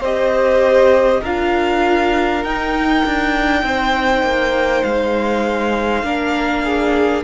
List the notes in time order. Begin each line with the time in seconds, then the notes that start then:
0.00 C4 G4 C5 D#5
1.21 D4 F4 A#4 F5
2.44 D#4 G5
3.05 D4
3.63 C4 C5
4.22 A#3
4.83 G#3 F5
6.03 A#3 D4 A#4
6.63 G#4